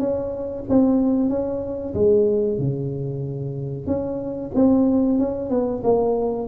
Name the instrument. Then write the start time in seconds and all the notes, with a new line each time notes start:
tuba
0.00 C#4
0.70 C4
1.30 C#4
1.95 G#3
2.59 C#3
3.87 C#4
4.55 C4
5.19 C#4
5.50 B3
5.84 A#3